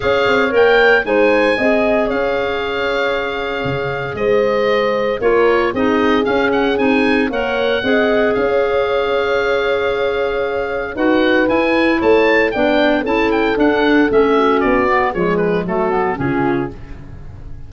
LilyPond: <<
  \new Staff \with { instrumentName = "oboe" } { \time 4/4 \tempo 4 = 115 f''4 g''4 gis''2 | f''1 | dis''2 cis''4 dis''4 | f''8 fis''8 gis''4 fis''2 |
f''1~ | f''4 fis''4 gis''4 a''4 | g''4 a''8 g''8 fis''4 e''4 | d''4 cis''8 b'8 a'4 gis'4 | }
  \new Staff \with { instrumentName = "horn" } { \time 4/4 cis''2 c''4 dis''4 | cis''1 | c''2 ais'4 gis'4~ | gis'2 cis''4 dis''4 |
cis''1~ | cis''4 b'2 cis''4 | d''4 a'2~ a'8 fis'8~ | fis'4 gis'4 fis'4 f'4 | }
  \new Staff \with { instrumentName = "clarinet" } { \time 4/4 gis'4 ais'4 dis'4 gis'4~ | gis'1~ | gis'2 f'4 dis'4 | cis'4 dis'4 ais'4 gis'4~ |
gis'1~ | gis'4 fis'4 e'2 | d'4 e'4 d'4 cis'4~ | cis'8 b8 gis4 a8 b8 cis'4 | }
  \new Staff \with { instrumentName = "tuba" } { \time 4/4 cis'8 c'8 ais4 gis4 c'4 | cis'2. cis4 | gis2 ais4 c'4 | cis'4 c'4 ais4 c'4 |
cis'1~ | cis'4 dis'4 e'4 a4 | b4 cis'4 d'4 a4 | b4 f4 fis4 cis4 | }
>>